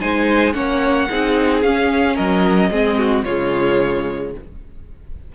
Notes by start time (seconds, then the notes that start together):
0.00 G#3 D#4 C5 G#5
0.53 A#3 C#4 C#5 F#5
1.09 C4 D#4 G#4
1.62 C#4 F5
2.15 F#3 A#4 D#5
2.70 G#3 C4 G#4
2.98 F#4
3.24 C#3 G#3 F4 C#5